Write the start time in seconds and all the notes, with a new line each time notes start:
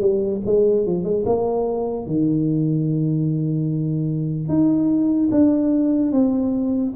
0.00 G3
0.45 G#3
0.86 F3
1.04 G#3
1.25 A#3
2.06 D#3
4.48 D#4
5.31 D4
6.12 C4